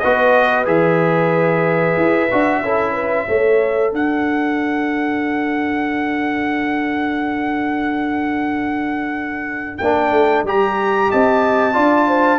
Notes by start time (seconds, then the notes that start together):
0.00 B3 F#4 B4 D#5
0.65 E3 G#4 E5
1.97 E4
2.32 D4 F#4
2.62 C#4 E4 A4
2.93 B4
3.28 A3 A4 C#5
3.92 D4 D5 F#5
9.78 A#3 D4 G5
10.12 A3
10.44 G3 G4 A#5
11.10 C4 D#5 A5
11.74 D4 F4 D5
12.08 C5